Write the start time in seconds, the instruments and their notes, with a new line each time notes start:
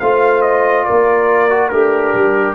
0.00 tuba A3, trombone F4, horn C5, trumpet F5
0.42 trumpet D#5
0.84 tuba A#3, horn A#4, trumpet D5
1.50 trombone F#4
1.69 tuba A3, horn D4, trombone G4, trumpet A#4
2.15 tuba G3